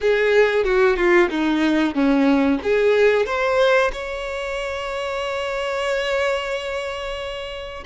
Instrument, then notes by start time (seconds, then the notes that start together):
violin
0.00 G#4
0.64 F#4
0.96 F4
1.29 D#4
1.94 C#4
2.62 G#4
3.25 C5
3.92 C#5